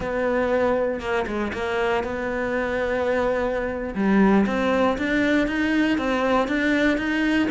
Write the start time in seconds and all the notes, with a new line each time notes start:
0.00 B3
1.00 A#3
1.26 G#3
1.53 A#3
2.03 B3
3.94 G3
4.46 C4
4.98 D4
5.47 D#4
5.98 C4
6.48 D4
6.97 D#4